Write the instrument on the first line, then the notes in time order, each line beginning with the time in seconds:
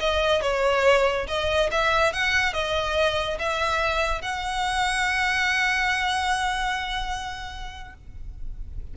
violin
0.00 D#5
0.42 C#5
1.28 D#5
1.71 E5
2.13 F#5
2.53 D#5
3.39 E5
4.22 F#5